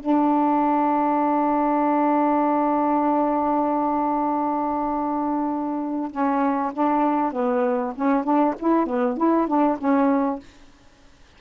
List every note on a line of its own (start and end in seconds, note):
0.00 6.11 D4
6.11 6.73 C#4
6.73 7.32 D4
7.32 7.94 B3
7.96 8.24 C#4
8.24 8.55 D4
8.59 8.86 E4
8.86 9.17 B3
9.17 9.48 E4
9.48 9.78 D4
9.78 10.39 C#4